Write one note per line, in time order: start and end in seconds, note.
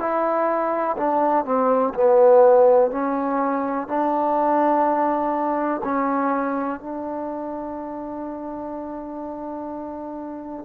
0.00 0.97 E4
0.98 1.46 D4
1.46 1.94 C4
1.95 2.92 B3
2.92 3.88 C#4
3.88 5.82 D4
5.84 6.80 C#4
6.80 10.66 D4